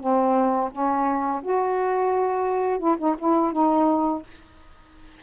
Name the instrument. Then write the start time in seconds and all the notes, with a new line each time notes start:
saxophone
0.00 C4
0.71 C#4
1.42 F#4
2.79 E4
2.98 D#4
3.19 E4
3.52 D#4